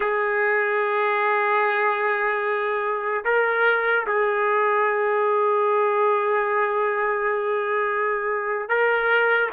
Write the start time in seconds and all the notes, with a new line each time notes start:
0.00 G#4
3.24 A#4
4.07 G#4
8.68 A#4